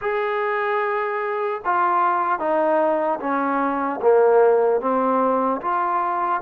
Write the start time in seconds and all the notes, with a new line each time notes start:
0.01 G#4
1.64 F4
2.39 D#4
3.20 C#4
4.01 A#3
4.80 C4
5.61 F4